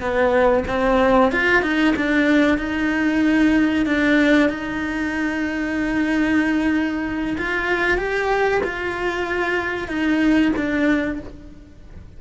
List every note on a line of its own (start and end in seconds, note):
0.00 0.64 B3
0.68 1.32 C4
1.32 1.62 F4
1.62 1.94 D#4
1.96 2.58 D4
2.58 3.86 D#4
3.86 4.49 D4
4.49 7.37 D#4
7.38 7.98 F4
7.98 8.61 G4
8.64 9.88 F4
9.88 10.52 D#4
10.56 11.20 D4